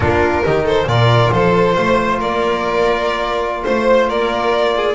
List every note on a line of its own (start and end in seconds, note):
0.00 0.43 A#3
0.00 0.44 D4
0.00 0.45 F4
0.00 0.65 A#4
0.45 0.85 D#3
0.45 0.87 D#4
0.45 0.64 G4
0.64 0.86 A4
0.64 0.88 C5
0.85 1.30 A#2
0.85 4.95 F4
0.85 1.33 A#4
0.85 1.31 D5
1.31 1.76 F3
1.31 1.75 A4
1.31 2.19 C5
1.75 2.21 A3
1.75 2.18 C5
2.18 3.65 A#3
2.18 3.62 A#4
2.18 3.64 D5
3.63 4.09 A3
3.63 4.07 C5
3.63 4.09 C5
4.08 4.95 A#3
4.08 4.74 A#4
4.08 4.95 D5
4.76 4.95 G#4